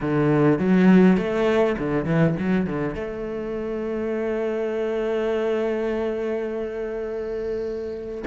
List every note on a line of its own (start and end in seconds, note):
0.01 0.59 D3
0.59 1.17 F#3
1.17 1.75 A3
1.78 2.05 D3
2.05 2.34 E3
2.39 2.66 F#3
2.66 2.94 D3
2.94 8.24 A3